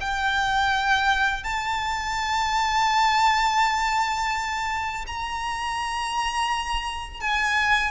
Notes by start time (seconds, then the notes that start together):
0.00 G5
1.43 A5
5.06 A#5
7.20 G#5